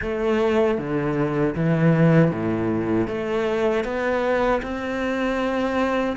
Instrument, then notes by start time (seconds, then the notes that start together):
cello
0.01 A3
0.77 D3
1.55 E3
2.31 A2
3.07 A3
3.84 B3
4.62 C4